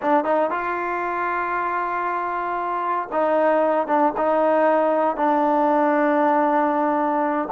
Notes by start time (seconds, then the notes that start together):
0.02 D4
0.24 D#4
0.50 F4
3.12 D#4
3.87 D4
4.17 D#4
5.16 D4